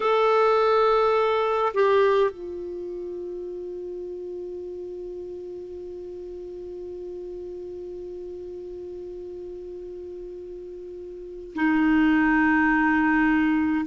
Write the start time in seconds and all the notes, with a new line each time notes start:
0.00 A4
1.74 G4
2.31 F4
11.54 D#4